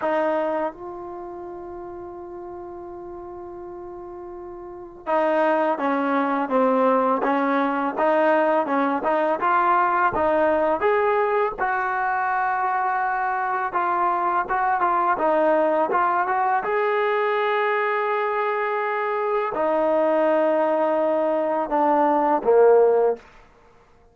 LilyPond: \new Staff \with { instrumentName = "trombone" } { \time 4/4 \tempo 4 = 83 dis'4 f'2.~ | f'2. dis'4 | cis'4 c'4 cis'4 dis'4 | cis'8 dis'8 f'4 dis'4 gis'4 |
fis'2. f'4 | fis'8 f'8 dis'4 f'8 fis'8 gis'4~ | gis'2. dis'4~ | dis'2 d'4 ais4 | }